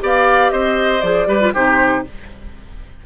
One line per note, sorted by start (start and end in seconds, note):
0.00 0.52 B3
0.00 1.01 G4
0.00 0.52 D5
0.00 0.50 F5
0.50 1.02 C4
0.50 1.27 C5
0.50 1.01 D#5
1.01 1.27 F3
1.01 1.26 G#4
1.01 1.51 D5
1.26 1.52 G3
1.26 1.39 G4
1.26 1.53 B4
1.40 1.53 F4
1.54 2.06 C3
1.54 2.04 D#4
1.54 2.04 G4
1.54 2.05 C5